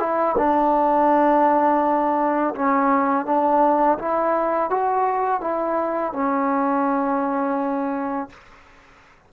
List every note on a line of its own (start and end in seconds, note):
0.00 0.36 E4
0.38 2.55 D4
2.56 3.26 C#4
3.26 3.98 D4
3.99 4.70 E4
4.70 5.41 F#4
5.41 6.13 E4
6.13 8.30 C#4